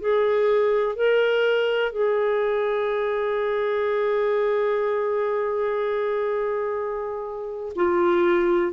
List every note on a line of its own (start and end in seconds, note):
0.00 0.96 G#4
0.96 1.92 A#4
1.92 7.73 G#4
7.76 8.73 F4